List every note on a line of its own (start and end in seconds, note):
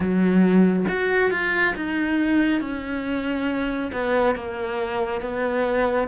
0.00 0.85 F#3
0.88 1.30 F#4
1.30 1.74 F4
1.75 2.60 D#4
2.60 3.91 C#4
3.92 4.35 B3
4.35 5.21 A#3
5.21 6.07 B3